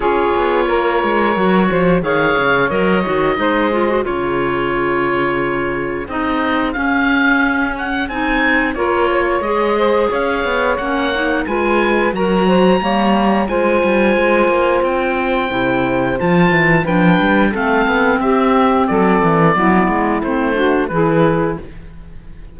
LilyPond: <<
  \new Staff \with { instrumentName = "oboe" } { \time 4/4 \tempo 4 = 89 cis''2. f''4 | dis''2 cis''2~ | cis''4 dis''4 f''4. fis''8 | gis''4 cis''4 dis''4 f''4 |
fis''4 gis''4 ais''2 | gis''2 g''2 | a''4 g''4 f''4 e''4 | d''2 c''4 b'4 | }
  \new Staff \with { instrumentName = "saxophone" } { \time 4/4 gis'4 ais'4. c''8 cis''4~ | cis''4 c''4 gis'2~ | gis'1~ | gis'4 ais'8 cis''4 c''8 cis''4~ |
cis''4 b'4 ais'8 c''8 cis''4 | c''1~ | c''4 b'4 a'4 g'4 | a'4 e'4. fis'8 gis'4 | }
  \new Staff \with { instrumentName = "clarinet" } { \time 4/4 f'2 fis'4 gis'4 | ais'8 fis'8 dis'8 f'16 fis'16 f'2~ | f'4 dis'4 cis'2 | dis'4 f'4 gis'2 |
cis'8 dis'8 f'4 fis'4 ais4 | f'2. e'4 | f'4 d'4 c'2~ | c'4 b4 c'8 d'8 e'4 | }
  \new Staff \with { instrumentName = "cello" } { \time 4/4 cis'8 b8 ais8 gis8 fis8 f8 dis8 cis8 | fis8 dis8 gis4 cis2~ | cis4 c'4 cis'2 | c'4 ais4 gis4 cis'8 b8 |
ais4 gis4 fis4 g4 | gis8 g8 gis8 ais8 c'4 c4 | f8 e8 f8 g8 a8 b8 c'4 | fis8 e8 fis8 gis8 a4 e4 | }
>>